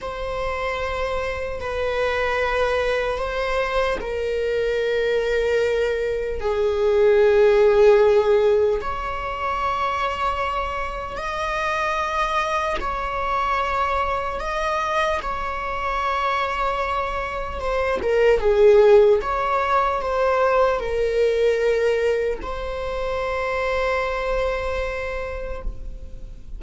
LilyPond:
\new Staff \with { instrumentName = "viola" } { \time 4/4 \tempo 4 = 75 c''2 b'2 | c''4 ais'2. | gis'2. cis''4~ | cis''2 dis''2 |
cis''2 dis''4 cis''4~ | cis''2 c''8 ais'8 gis'4 | cis''4 c''4 ais'2 | c''1 | }